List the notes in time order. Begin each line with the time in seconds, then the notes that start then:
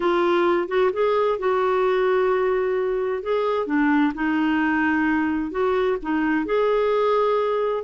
0.00 F4
0.67 F#4
0.92 G#4
1.38 F#4
3.23 G#4
3.66 D4
4.14 D#4
5.51 F#4
6.02 D#4
6.45 G#4